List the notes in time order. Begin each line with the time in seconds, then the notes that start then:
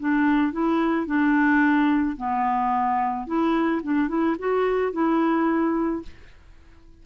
0.00 D4
0.53 E4
1.07 D4
2.17 B3
3.27 E4
3.83 D4
4.09 E4
4.39 F#4
4.93 E4